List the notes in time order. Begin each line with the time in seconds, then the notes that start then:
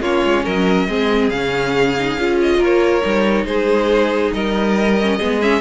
0.00 A#3 C#4 F4 C#5
0.24 G#3
0.43 F#3 A#4 D#5
0.87 G#3 C4 G#4
1.29 C#3 C#4 F5
1.97 D#4
2.17 C#4 F4
2.41 D#5
2.58 A#3 A#4 C#5
3.01 G3 D#4
3.44 G#3 G#4 C5
4.32 G3 A#4 D#5
5.01 C#4
5.18 G#3 B3 G#4
5.41 C#4 E5